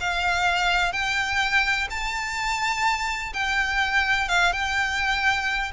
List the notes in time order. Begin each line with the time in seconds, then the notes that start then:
0.00 F5
0.92 G5
1.90 A5
3.33 G5
4.29 F5
4.53 G5